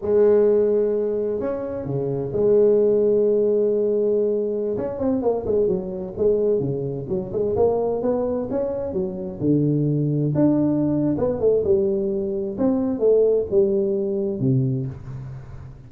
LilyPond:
\new Staff \with { instrumentName = "tuba" } { \time 4/4 \tempo 4 = 129 gis2. cis'4 | cis4 gis2.~ | gis2~ gis16 cis'8 c'8 ais8 gis16~ | gis16 fis4 gis4 cis4 fis8 gis16~ |
gis16 ais4 b4 cis'4 fis8.~ | fis16 d2 d'4.~ d'16 | b8 a8 g2 c'4 | a4 g2 c4 | }